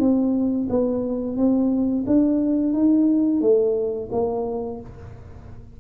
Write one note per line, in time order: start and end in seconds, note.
0.00 0.68 C4
0.70 1.37 B3
1.37 2.05 C4
2.07 2.73 D4
2.73 3.41 D#4
3.42 4.10 A3
4.12 4.80 A#3